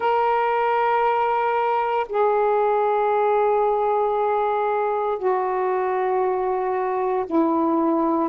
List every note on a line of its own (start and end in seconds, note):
0.00 2.06 A#4
2.08 5.18 G#4
5.18 7.25 F#4
7.26 8.29 E4